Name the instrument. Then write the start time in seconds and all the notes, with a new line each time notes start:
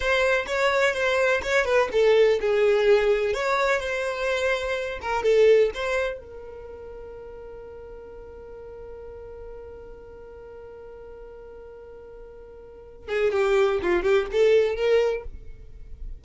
violin
0.00 C5
0.47 C#5
0.94 C5
1.42 C#5
1.65 B4
1.92 A4
2.40 G#4
3.33 C#5
3.80 C5
5.01 A#4
5.23 A4
5.74 C5
6.19 A#4
13.08 G#4
13.32 G4
13.81 F4
14.02 G4
14.31 A4
14.75 A#4